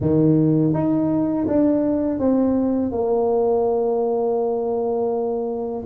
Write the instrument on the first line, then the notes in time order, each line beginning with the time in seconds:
tuba
0.00 D#3
0.73 D#4
1.47 D4
2.19 C4
2.91 A#3